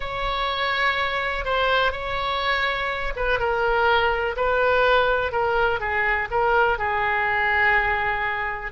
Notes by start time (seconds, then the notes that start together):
0.00 C#5
1.45 C5
1.92 C#5
3.16 B4
3.39 A#4
4.36 B4
5.31 A#4
5.80 G#4
6.30 A#4
6.78 G#4